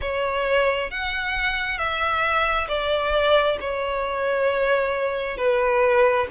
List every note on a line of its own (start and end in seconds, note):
0.01 0.90 C#5
0.90 1.77 F#5
1.77 2.67 E5
2.67 3.57 D5
3.60 5.37 C#5
5.37 6.26 B4